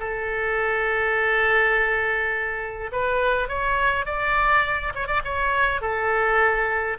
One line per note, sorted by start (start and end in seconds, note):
0.00 2.91 A4
2.92 3.49 B4
3.49 4.06 C#5
4.06 4.93 D5
4.95 5.07 C#5
5.07 5.22 D5
5.25 5.81 C#5
5.81 6.98 A4